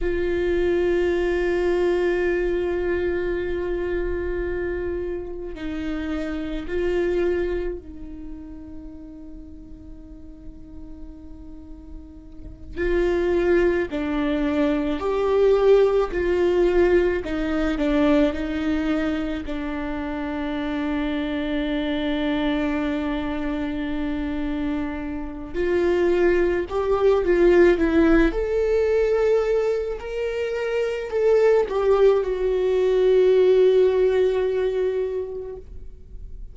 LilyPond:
\new Staff \with { instrumentName = "viola" } { \time 4/4 \tempo 4 = 54 f'1~ | f'4 dis'4 f'4 dis'4~ | dis'2.~ dis'8 f'8~ | f'8 d'4 g'4 f'4 dis'8 |
d'8 dis'4 d'2~ d'8~ | d'2. f'4 | g'8 f'8 e'8 a'4. ais'4 | a'8 g'8 fis'2. | }